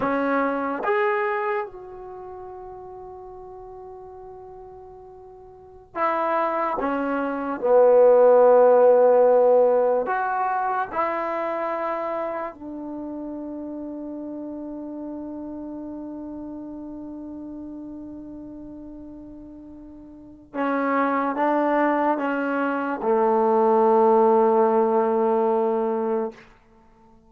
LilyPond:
\new Staff \with { instrumentName = "trombone" } { \time 4/4 \tempo 4 = 73 cis'4 gis'4 fis'2~ | fis'2.~ fis'16 e'8.~ | e'16 cis'4 b2~ b8.~ | b16 fis'4 e'2 d'8.~ |
d'1~ | d'1~ | d'4 cis'4 d'4 cis'4 | a1 | }